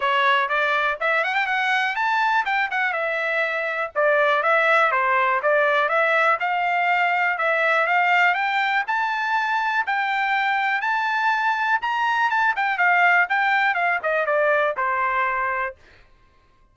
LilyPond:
\new Staff \with { instrumentName = "trumpet" } { \time 4/4 \tempo 4 = 122 cis''4 d''4 e''8 fis''16 g''16 fis''4 | a''4 g''8 fis''8 e''2 | d''4 e''4 c''4 d''4 | e''4 f''2 e''4 |
f''4 g''4 a''2 | g''2 a''2 | ais''4 a''8 g''8 f''4 g''4 | f''8 dis''8 d''4 c''2 | }